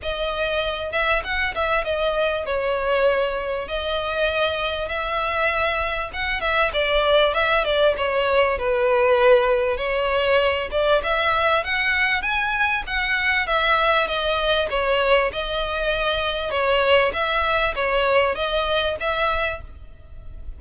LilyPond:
\new Staff \with { instrumentName = "violin" } { \time 4/4 \tempo 4 = 98 dis''4. e''8 fis''8 e''8 dis''4 | cis''2 dis''2 | e''2 fis''8 e''8 d''4 | e''8 d''8 cis''4 b'2 |
cis''4. d''8 e''4 fis''4 | gis''4 fis''4 e''4 dis''4 | cis''4 dis''2 cis''4 | e''4 cis''4 dis''4 e''4 | }